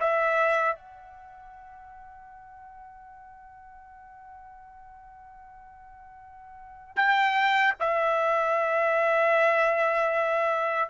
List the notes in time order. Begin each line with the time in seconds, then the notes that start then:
0.00 E5
0.76 F#5
6.96 G5
7.80 E5